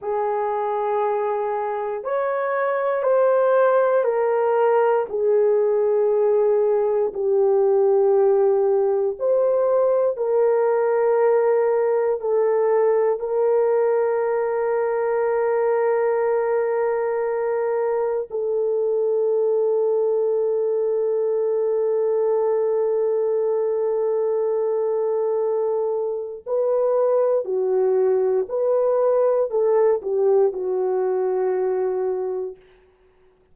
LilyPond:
\new Staff \with { instrumentName = "horn" } { \time 4/4 \tempo 4 = 59 gis'2 cis''4 c''4 | ais'4 gis'2 g'4~ | g'4 c''4 ais'2 | a'4 ais'2.~ |
ais'2 a'2~ | a'1~ | a'2 b'4 fis'4 | b'4 a'8 g'8 fis'2 | }